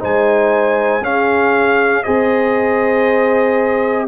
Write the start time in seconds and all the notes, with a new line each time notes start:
0.00 G#3 D#4 C5 G#5
1.01 C#4 G#4 F5
2.03 C4 G#4 C5 D#5